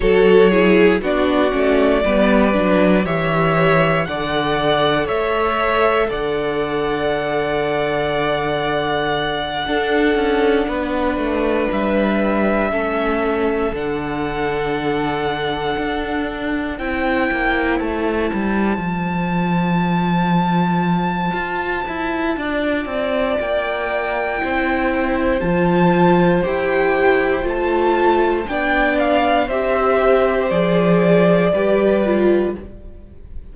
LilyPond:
<<
  \new Staff \with { instrumentName = "violin" } { \time 4/4 \tempo 4 = 59 cis''4 d''2 e''4 | fis''4 e''4 fis''2~ | fis''2.~ fis''8 e''8~ | e''4. fis''2~ fis''8~ |
fis''8 g''4 a''2~ a''8~ | a''2. g''4~ | g''4 a''4 g''4 a''4 | g''8 f''8 e''4 d''2 | }
  \new Staff \with { instrumentName = "violin" } { \time 4/4 a'8 gis'8 fis'4 b'4 cis''4 | d''4 cis''4 d''2~ | d''4. a'4 b'4.~ | b'8 a'2.~ a'8~ |
a'8 c''2.~ c''8~ | c''2 d''2 | c''1 | d''4 c''2 b'4 | }
  \new Staff \with { instrumentName = "viola" } { \time 4/4 fis'8 e'8 d'8 cis'8 b8 d'8 g'4 | a'1~ | a'4. d'2~ d'8~ | d'8 cis'4 d'2~ d'8~ |
d'8 e'2 f'4.~ | f'1 | e'4 f'4 g'4 f'4 | d'4 g'4 gis'4 g'8 f'8 | }
  \new Staff \with { instrumentName = "cello" } { \time 4/4 fis4 b8 a8 g8 fis8 e4 | d4 a4 d2~ | d4. d'8 cis'8 b8 a8 g8~ | g8 a4 d2 d'8~ |
d'8 c'8 ais8 a8 g8 f4.~ | f4 f'8 e'8 d'8 c'8 ais4 | c'4 f4 e'4 a4 | b4 c'4 f4 g4 | }
>>